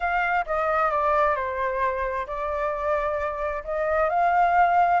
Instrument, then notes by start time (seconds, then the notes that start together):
flute
0.00 F5
0.45 D#5
0.90 D5
1.35 C5
2.26 D5
3.64 D#5
4.09 F5